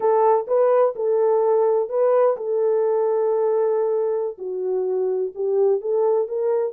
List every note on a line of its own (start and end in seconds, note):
0.00 0.46 A4
0.47 0.94 B4
0.95 1.89 A4
1.89 2.36 B4
2.36 4.37 A4
4.37 5.32 F#4
5.34 5.80 G4
5.80 6.27 A4
6.28 6.73 A#4